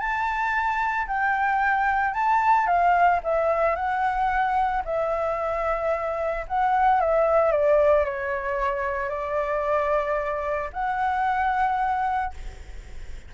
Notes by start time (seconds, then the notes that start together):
0.00 A5
1.08 G5
2.15 A5
2.67 F5
3.24 E5
3.76 F#5
4.85 E5
6.48 F#5
7.01 E5
7.52 D5
8.05 C#5
9.09 D5
10.73 F#5